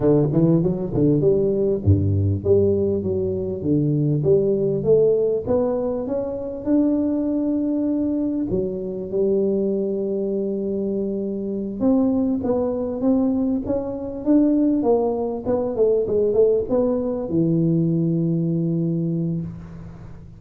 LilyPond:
\new Staff \with { instrumentName = "tuba" } { \time 4/4 \tempo 4 = 99 d8 e8 fis8 d8 g4 g,4 | g4 fis4 d4 g4 | a4 b4 cis'4 d'4~ | d'2 fis4 g4~ |
g2.~ g8 c'8~ | c'8 b4 c'4 cis'4 d'8~ | d'8 ais4 b8 a8 gis8 a8 b8~ | b8 e2.~ e8 | }